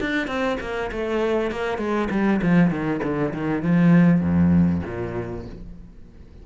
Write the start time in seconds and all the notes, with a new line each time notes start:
0.00 D4
0.27 C4
0.60 A#3
0.91 A3
1.51 A#3
1.78 G#3
2.10 G3
2.42 F3
2.70 D#3
3.03 D3
3.33 D#3
3.62 F3
4.21 F2
4.85 A#2